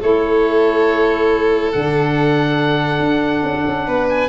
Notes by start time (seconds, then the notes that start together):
0.00 A3 E4 A4 C#5
1.72 D3 D4 F#5
3.00 D4
3.44 C#4
3.55 D4
3.67 C#4
3.87 B3 B4
4.09 G#5